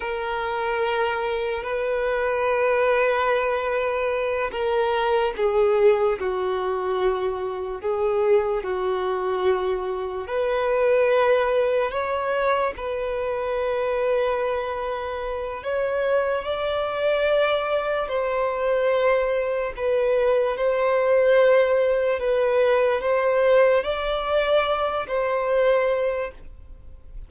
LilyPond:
\new Staff \with { instrumentName = "violin" } { \time 4/4 \tempo 4 = 73 ais'2 b'2~ | b'4. ais'4 gis'4 fis'8~ | fis'4. gis'4 fis'4.~ | fis'8 b'2 cis''4 b'8~ |
b'2. cis''4 | d''2 c''2 | b'4 c''2 b'4 | c''4 d''4. c''4. | }